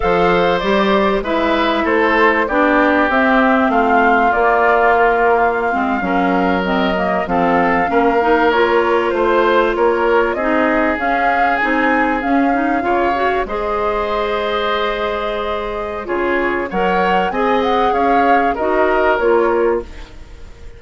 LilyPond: <<
  \new Staff \with { instrumentName = "flute" } { \time 4/4 \tempo 4 = 97 f''4 d''4 e''4 c''4 | d''4 e''4 f''4 d''4 | ais'8. f''2 dis''4 f''16~ | f''4.~ f''16 cis''4 c''4 cis''16~ |
cis''8. dis''4 f''4 gis''4 f''16~ | f''4.~ f''16 dis''2~ dis''16~ | dis''2 cis''4 fis''4 | gis''8 fis''8 f''4 dis''4 cis''4 | }
  \new Staff \with { instrumentName = "oboe" } { \time 4/4 c''2 b'4 a'4 | g'2 f'2~ | f'4.~ f'16 ais'2 a'16~ | a'8. ais'2 c''4 ais'16~ |
ais'8. gis'2.~ gis'16~ | gis'8. cis''4 c''2~ c''16~ | c''2 gis'4 cis''4 | dis''4 cis''4 ais'2 | }
  \new Staff \with { instrumentName = "clarinet" } { \time 4/4 a'4 g'4 e'2 | d'4 c'2 ais4~ | ais4~ ais16 c'8 cis'4 c'8 ais8 c'16~ | c'8. cis'8 dis'8 f'2~ f'16~ |
f'8. dis'4 cis'4 dis'4 cis'16~ | cis'16 dis'8 f'8 fis'8 gis'2~ gis'16~ | gis'2 f'4 ais'4 | gis'2 fis'4 f'4 | }
  \new Staff \with { instrumentName = "bassoon" } { \time 4/4 f4 g4 gis4 a4 | b4 c'4 a4 ais4~ | ais4~ ais16 gis8 fis2 f16~ | f8. ais2 a4 ais16~ |
ais8. c'4 cis'4 c'4 cis'16~ | cis'8. cis4 gis2~ gis16~ | gis2 cis4 fis4 | c'4 cis'4 dis'4 ais4 | }
>>